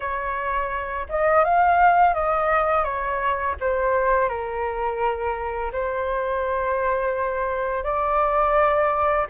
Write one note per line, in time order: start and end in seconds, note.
0.00 1.06 C#5
1.09 1.44 D#5
1.44 2.14 F5
2.14 2.83 D#5
2.83 3.55 C#5
3.60 4.28 C5
4.28 5.71 A#4
5.72 7.83 C5
7.83 9.26 D5